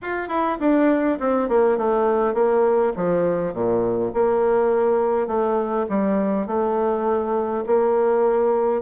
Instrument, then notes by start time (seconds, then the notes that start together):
bassoon
0.02 F4
0.28 E4
0.59 D4
1.19 C4
1.49 A#3
1.77 A3
2.34 A#3
2.96 F3
3.53 A#2
4.13 A#3
5.27 A3
5.89 G3
6.46 A3
7.66 A#3